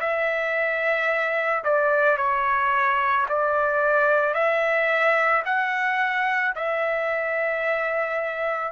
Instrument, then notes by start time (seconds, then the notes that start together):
trumpet
0.00 E5
1.64 D5
2.17 C#5
3.29 D5
4.34 E5
5.45 F#5
6.56 E5